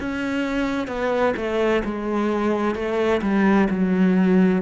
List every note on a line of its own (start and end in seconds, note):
0.00 0.88 C#4
0.88 1.34 B3
1.37 1.83 A3
1.85 2.75 G#3
2.75 3.21 A3
3.22 3.68 G3
3.70 4.62 F#3